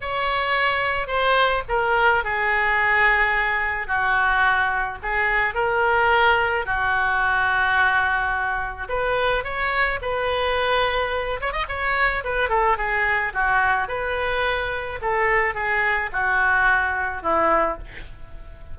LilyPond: \new Staff \with { instrumentName = "oboe" } { \time 4/4 \tempo 4 = 108 cis''2 c''4 ais'4 | gis'2. fis'4~ | fis'4 gis'4 ais'2 | fis'1 |
b'4 cis''4 b'2~ | b'8 cis''16 dis''16 cis''4 b'8 a'8 gis'4 | fis'4 b'2 a'4 | gis'4 fis'2 e'4 | }